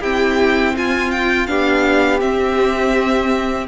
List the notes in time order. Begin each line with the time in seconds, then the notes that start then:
0.00 C4 E4 G4 G5
0.76 F4 G#5
1.11 G5
1.47 B3 D4 G4 F5
2.20 C4 E5